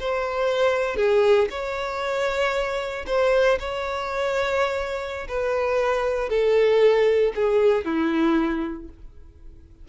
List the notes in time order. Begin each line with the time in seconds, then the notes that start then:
0.00 C5
0.97 G#4
1.50 C#5
3.07 C5
3.60 C#5
5.29 B4
6.30 A4
7.36 G#4
7.86 E4